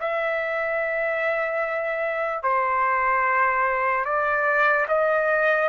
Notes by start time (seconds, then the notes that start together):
0.00 E5
2.43 C5
4.05 D5
4.88 D#5